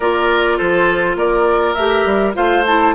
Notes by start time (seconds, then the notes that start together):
0.00 A#3 F4 A#4 D5
0.57 F3 A4 C5
1.15 A#3 A#4 D5
1.74 A3 G4 E5
2.05 G3
2.33 A3 F4 C5 F5
2.66 E4 A5